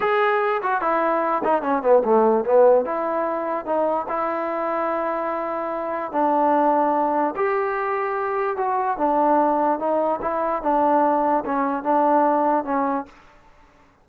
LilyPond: \new Staff \with { instrumentName = "trombone" } { \time 4/4 \tempo 4 = 147 gis'4. fis'8 e'4. dis'8 | cis'8 b8 a4 b4 e'4~ | e'4 dis'4 e'2~ | e'2. d'4~ |
d'2 g'2~ | g'4 fis'4 d'2 | dis'4 e'4 d'2 | cis'4 d'2 cis'4 | }